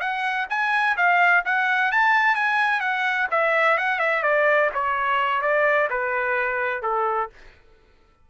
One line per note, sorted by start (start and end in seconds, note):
0.00 0.47 F#5
0.50 0.97 G#5
0.97 1.44 F5
1.45 1.92 F#5
1.92 2.35 A5
2.35 2.80 G#5
2.80 3.27 F#5
3.31 3.78 E5
3.78 3.99 F#5
3.99 4.23 E5
4.23 4.70 D5
4.74 5.42 C#5
5.42 5.88 D5
5.90 6.83 B4
6.83 7.30 A4